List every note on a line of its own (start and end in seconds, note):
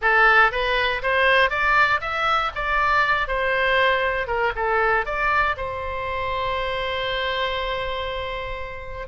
0.01 0.51 A4
0.51 1.02 B4
1.02 1.50 C5
1.50 2.00 D5
2.00 2.51 E5
2.55 3.27 D5
3.27 4.27 C5
4.27 4.52 A#4
4.55 5.05 A4
5.05 5.56 D5
5.56 9.07 C5